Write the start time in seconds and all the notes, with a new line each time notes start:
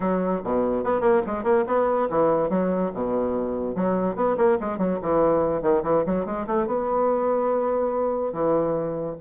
0.00 F#3
0.44 B2
0.84 B3
1.00 A#3
1.26 G#3
1.43 A#3
1.66 B3
2.09 E3
2.49 F#3
2.94 B2
3.75 F#3
4.15 B3
4.37 A#3
4.60 G#3
4.78 F#3
5.02 E3
5.62 D#3
5.83 E3
6.06 F#3
6.25 G#3
6.46 A3
6.66 B3
8.32 E3